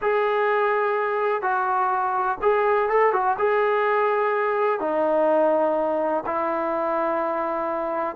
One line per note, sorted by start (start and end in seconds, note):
0.01 1.42 G#4
1.42 2.38 F#4
2.41 2.89 G#4
2.89 3.12 A4
3.12 3.36 F#4
3.38 4.80 G#4
4.80 6.24 D#4
6.26 8.16 E4